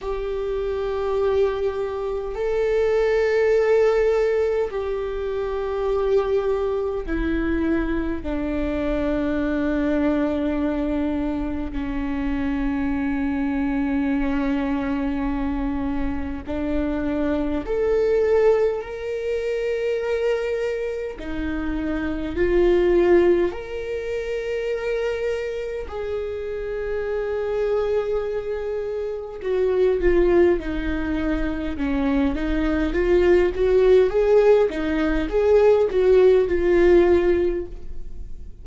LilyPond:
\new Staff \with { instrumentName = "viola" } { \time 4/4 \tempo 4 = 51 g'2 a'2 | g'2 e'4 d'4~ | d'2 cis'2~ | cis'2 d'4 a'4 |
ais'2 dis'4 f'4 | ais'2 gis'2~ | gis'4 fis'8 f'8 dis'4 cis'8 dis'8 | f'8 fis'8 gis'8 dis'8 gis'8 fis'8 f'4 | }